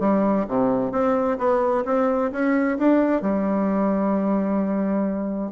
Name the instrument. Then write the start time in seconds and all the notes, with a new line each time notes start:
bassoon
0.00 G3
0.48 C3
0.92 C4
1.38 B3
1.85 C4
2.32 C#4
2.78 D4
3.22 G3